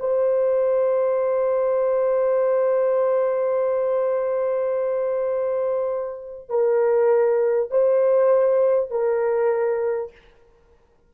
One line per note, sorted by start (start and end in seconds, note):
0.00 6.49 C5
6.49 7.71 A#4
7.71 8.91 C5
8.91 10.12 A#4